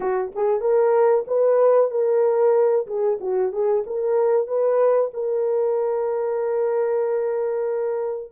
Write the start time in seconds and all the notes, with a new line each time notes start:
0.00 F#4
0.35 G#4
0.61 A#4
1.27 B4
1.90 A#4
2.86 G#4
3.20 F#4
3.52 G#4
3.86 A#4
4.47 B4
5.13 A#4